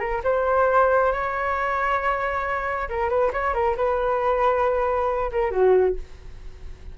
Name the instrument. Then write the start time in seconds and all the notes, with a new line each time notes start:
flute
0.00 A#4
0.24 C5
1.12 C#5
2.90 A#4
3.10 B4
3.33 C#5
3.54 A#4
3.77 B4
5.32 A#4
5.51 F#4